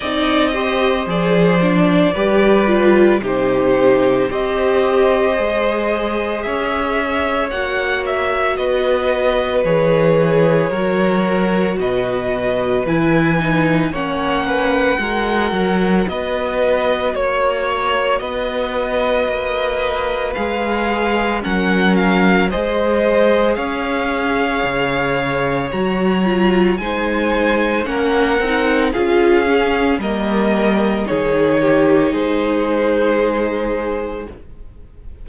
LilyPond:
<<
  \new Staff \with { instrumentName = "violin" } { \time 4/4 \tempo 4 = 56 dis''4 d''2 c''4 | dis''2 e''4 fis''8 e''8 | dis''4 cis''2 dis''4 | gis''4 fis''2 dis''4 |
cis''4 dis''2 f''4 | fis''8 f''8 dis''4 f''2 | ais''4 gis''4 fis''4 f''4 | dis''4 cis''4 c''2 | }
  \new Staff \with { instrumentName = "violin" } { \time 4/4 d''8 c''4. b'4 g'4 | c''2 cis''2 | b'2 ais'4 b'4~ | b'4 cis''8 b'8 ais'4 b'4 |
cis''4 b'2. | ais'4 c''4 cis''2~ | cis''4 c''4 ais'4 gis'4 | ais'4 gis'8 g'8 gis'2 | }
  \new Staff \with { instrumentName = "viola" } { \time 4/4 dis'8 g'8 gis'8 d'8 g'8 f'8 dis'4 | g'4 gis'2 fis'4~ | fis'4 gis'4 fis'2 | e'8 dis'8 cis'4 fis'2~ |
fis'2. gis'4 | cis'4 gis'2. | fis'8 f'8 dis'4 cis'8 dis'8 f'8 cis'8 | ais4 dis'2. | }
  \new Staff \with { instrumentName = "cello" } { \time 4/4 c'4 f4 g4 c4 | c'4 gis4 cis'4 ais4 | b4 e4 fis4 b,4 | e4 ais4 gis8 fis8 b4 |
ais4 b4 ais4 gis4 | fis4 gis4 cis'4 cis4 | fis4 gis4 ais8 c'8 cis'4 | g4 dis4 gis2 | }
>>